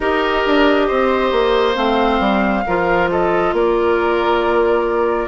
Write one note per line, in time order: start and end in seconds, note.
0.00 0.44 D#4
0.00 1.75 G4
0.00 0.87 A#4
0.00 1.76 D#5
0.46 0.90 D4
0.87 1.31 C4
0.87 2.64 C5
1.31 1.75 A#3
1.75 2.19 A3
1.75 2.63 C4
1.75 3.08 F5
2.19 2.63 G3
2.66 3.52 F3
2.66 5.27 F4
2.66 3.10 A#4
3.10 3.54 A4
3.10 3.54 D#5
3.52 5.27 A#3
3.52 5.27 A#4
3.52 5.27 D5